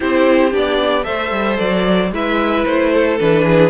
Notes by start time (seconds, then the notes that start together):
0.00 C4 E4 G4 C5
0.51 B3 D4 D5
1.03 A3 A4 C5 E5
1.31 G3
1.58 F#3 D5
2.11 G#3 E4 B4 E5
2.65 A3 C5
2.93 A4
3.18 E3 D4 B4
3.45 G#4